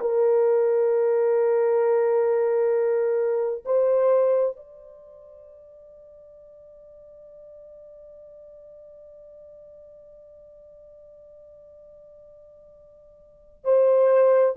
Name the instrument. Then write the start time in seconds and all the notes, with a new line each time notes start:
horn
0.00 A#4
3.65 C5
4.56 D5
13.64 C5